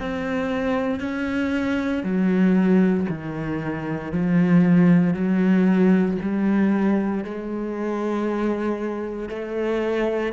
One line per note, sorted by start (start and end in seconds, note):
0.00 1.00 C4
1.00 2.04 C#4
2.04 3.07 F#3
3.09 4.13 D#3
4.13 5.14 F3
5.14 6.18 F#3
6.22 7.25 G3
7.25 9.30 G#3
9.30 10.33 A3